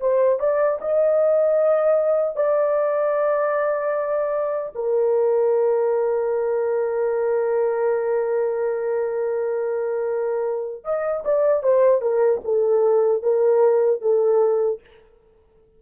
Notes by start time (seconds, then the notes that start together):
0.00 C5
0.39 D5
0.81 D#5
2.35 D5
4.75 A#4
10.84 D#5
11.24 D5
11.63 C5
12.01 A#4
12.44 A4
13.22 A#4
14.01 A4